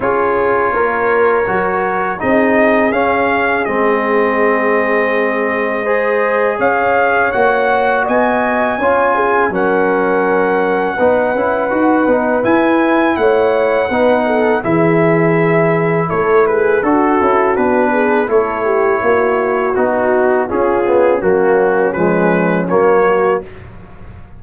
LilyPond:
<<
  \new Staff \with { instrumentName = "trumpet" } { \time 4/4 \tempo 4 = 82 cis''2. dis''4 | f''4 dis''2.~ | dis''4 f''4 fis''4 gis''4~ | gis''4 fis''2.~ |
fis''4 gis''4 fis''2 | e''2 cis''8 b'8 a'4 | b'4 cis''2 fis'4 | gis'4 fis'4 b'4 cis''4 | }
  \new Staff \with { instrumentName = "horn" } { \time 4/4 gis'4 ais'2 gis'4~ | gis'1 | c''4 cis''2 dis''4 | cis''8 gis'8 ais'2 b'4~ |
b'2 cis''4 b'8 a'8 | gis'2 a'8 gis'8 fis'4~ | fis'8 gis'8 a'8 g'8 fis'2 | f'4 cis'2~ cis'8 fis'8 | }
  \new Staff \with { instrumentName = "trombone" } { \time 4/4 f'2 fis'4 dis'4 | cis'4 c'2. | gis'2 fis'2 | f'4 cis'2 dis'8 e'8 |
fis'8 dis'8 e'2 dis'4 | e'2. fis'8 e'8 | d'4 e'2 dis'4 | cis'8 b8 ais4 gis4 ais4 | }
  \new Staff \with { instrumentName = "tuba" } { \time 4/4 cis'4 ais4 fis4 c'4 | cis'4 gis2.~ | gis4 cis'4 ais4 b4 | cis'4 fis2 b8 cis'8 |
dis'8 b8 e'4 a4 b4 | e2 a4 d'8 cis'8 | b4 a4 ais4 b4 | cis'4 fis4 f4 fis4 | }
>>